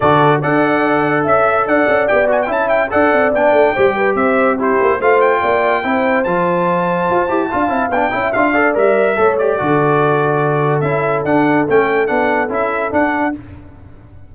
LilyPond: <<
  \new Staff \with { instrumentName = "trumpet" } { \time 4/4 \tempo 4 = 144 d''4 fis''2 e''4 | fis''4 g''8 gis''16 g''16 a''8 g''8 fis''4 | g''2 e''4 c''4 | f''8 g''2~ g''8 a''4~ |
a''2. g''4 | f''4 e''4. d''4.~ | d''2 e''4 fis''4 | g''4 fis''4 e''4 fis''4 | }
  \new Staff \with { instrumentName = "horn" } { \time 4/4 a'4 d''2 e''4 | d''2 e''4 d''4~ | d''4 c''8 b'8 c''4 g'4 | c''4 d''4 c''2~ |
c''2 f''4. e''8~ | e''8 d''4. cis''4 a'4~ | a'1~ | a'1 | }
  \new Staff \with { instrumentName = "trombone" } { \time 4/4 fis'4 a'2.~ | a'4 g'8 fis'8 e'4 a'4 | d'4 g'2 e'4 | f'2 e'4 f'4~ |
f'4. g'8 f'8 e'8 d'8 e'8 | f'8 a'8 ais'4 a'8 g'8 fis'4~ | fis'2 e'4 d'4 | cis'4 d'4 e'4 d'4 | }
  \new Staff \with { instrumentName = "tuba" } { \time 4/4 d4 d'2 cis'4 | d'8 cis'8 b4 cis'4 d'8 c'8 | b8 a8 g4 c'4. ais8 | a4 ais4 c'4 f4~ |
f4 f'8 e'8 d'8 c'8 b8 cis'8 | d'4 g4 a4 d4~ | d2 cis'4 d'4 | a4 b4 cis'4 d'4 | }
>>